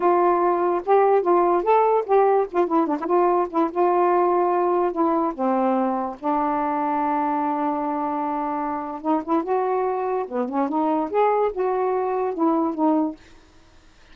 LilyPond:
\new Staff \with { instrumentName = "saxophone" } { \time 4/4 \tempo 4 = 146 f'2 g'4 f'4 | a'4 g'4 f'8 e'8 d'16 e'16 f'8~ | f'8 e'8 f'2. | e'4 c'2 d'4~ |
d'1~ | d'2 dis'8 e'8 fis'4~ | fis'4 b8 cis'8 dis'4 gis'4 | fis'2 e'4 dis'4 | }